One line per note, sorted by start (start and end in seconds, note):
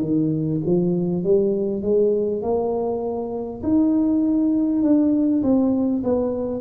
0.00 0.60 D#3
0.65 1.23 F3
1.23 1.82 G3
1.82 2.42 G#3
2.42 3.62 A#3
3.63 4.82 D#4
4.82 5.42 D4
5.42 6.02 C4
6.03 6.61 B3